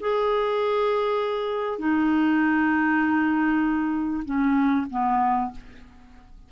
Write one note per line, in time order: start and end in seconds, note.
0.00 1.78 G#4
1.78 4.23 D#4
4.24 4.86 C#4
4.90 5.51 B3